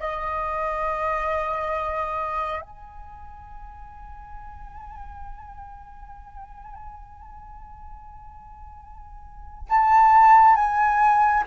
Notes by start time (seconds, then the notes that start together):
0.00 D#5
2.61 G#5
9.70 A5
10.56 G#5